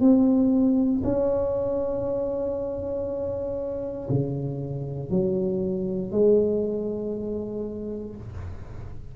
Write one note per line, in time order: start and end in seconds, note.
0.00 1.02 C4
1.04 4.09 C#4
4.09 5.10 C#3
5.10 6.12 F#3
6.12 8.15 G#3